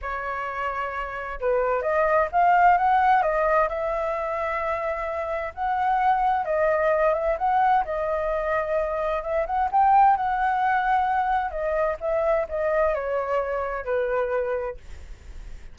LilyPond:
\new Staff \with { instrumentName = "flute" } { \time 4/4 \tempo 4 = 130 cis''2. b'4 | dis''4 f''4 fis''4 dis''4 | e''1 | fis''2 dis''4. e''8 |
fis''4 dis''2. | e''8 fis''8 g''4 fis''2~ | fis''4 dis''4 e''4 dis''4 | cis''2 b'2 | }